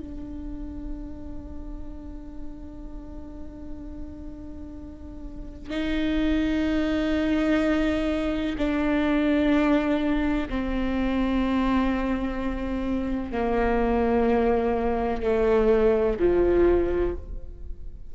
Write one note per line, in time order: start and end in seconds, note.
0.00 5.71 D4
5.71 8.56 D#4
8.58 10.49 D4
10.49 13.32 C4
13.32 15.23 A#3
15.23 16.18 A3
16.20 17.15 F3